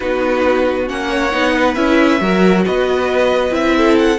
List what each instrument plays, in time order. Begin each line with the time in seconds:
0.00 cello B3, viola D#4, violin F#4 B4
0.87 cello A#3, viola C#4, violin F#5
1.09 violin C#5
1.31 cello B3, viola D#4
1.54 violin B4
1.74 cello C#4, viola E4, violin E5
2.20 cello F#3, viola F#4, violin A#4
2.65 cello B3, violin B4 D#5
3.50 cello C4, viola E4, violin E5
3.76 violin A4
3.98 violin F#5